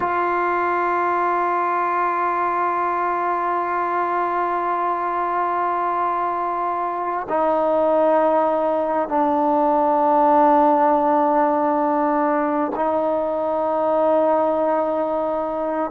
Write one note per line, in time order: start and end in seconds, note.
0.00 7.27 F4
7.29 9.08 D#4
9.08 12.71 D4
12.75 15.91 D#4